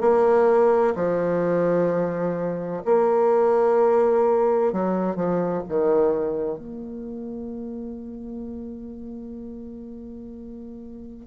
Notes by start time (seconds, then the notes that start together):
0.00 A#3
0.95 F3
2.85 A#3
4.72 F#3
5.15 F3
5.68 D#3
6.58 A#3